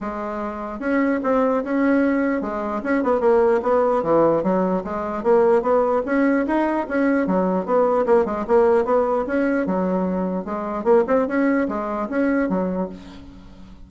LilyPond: \new Staff \with { instrumentName = "bassoon" } { \time 4/4 \tempo 4 = 149 gis2 cis'4 c'4 | cis'2 gis4 cis'8 b8 | ais4 b4 e4 fis4 | gis4 ais4 b4 cis'4 |
dis'4 cis'4 fis4 b4 | ais8 gis8 ais4 b4 cis'4 | fis2 gis4 ais8 c'8 | cis'4 gis4 cis'4 fis4 | }